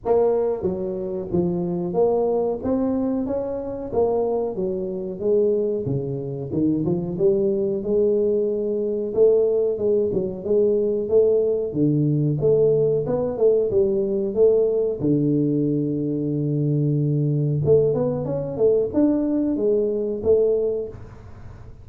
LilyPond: \new Staff \with { instrumentName = "tuba" } { \time 4/4 \tempo 4 = 92 ais4 fis4 f4 ais4 | c'4 cis'4 ais4 fis4 | gis4 cis4 dis8 f8 g4 | gis2 a4 gis8 fis8 |
gis4 a4 d4 a4 | b8 a8 g4 a4 d4~ | d2. a8 b8 | cis'8 a8 d'4 gis4 a4 | }